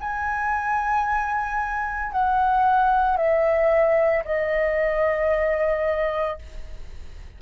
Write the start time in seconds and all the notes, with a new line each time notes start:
0.00 G#5
2.12 F#5
3.17 E5
4.25 D#5